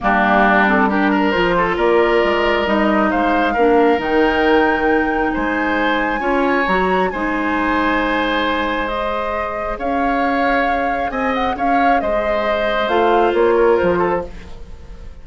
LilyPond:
<<
  \new Staff \with { instrumentName = "flute" } { \time 4/4 \tempo 4 = 135 g'4. a'8 ais'4 c''4 | d''2 dis''4 f''4~ | f''4 g''2. | gis''2. ais''4 |
gis''1 | dis''2 f''2~ | f''4 gis''8 fis''8 f''4 dis''4~ | dis''4 f''4 cis''4 c''4 | }
  \new Staff \with { instrumentName = "oboe" } { \time 4/4 d'2 g'8 ais'4 a'8 | ais'2. c''4 | ais'1 | c''2 cis''2 |
c''1~ | c''2 cis''2~ | cis''4 dis''4 cis''4 c''4~ | c''2~ c''8 ais'4 a'8 | }
  \new Staff \with { instrumentName = "clarinet" } { \time 4/4 ais4. c'8 d'4 f'4~ | f'2 dis'2 | d'4 dis'2.~ | dis'2 f'4 fis'4 |
dis'1 | gis'1~ | gis'1~ | gis'4 f'2. | }
  \new Staff \with { instrumentName = "bassoon" } { \time 4/4 g2. f4 | ais4 gis4 g4 gis4 | ais4 dis2. | gis2 cis'4 fis4 |
gis1~ | gis2 cis'2~ | cis'4 c'4 cis'4 gis4~ | gis4 a4 ais4 f4 | }
>>